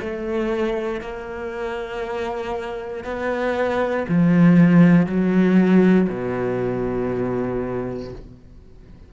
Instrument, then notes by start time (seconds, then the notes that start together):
cello
0.00 A3
1.01 A#3
3.04 B3
4.08 F3
5.06 F#3
6.09 B2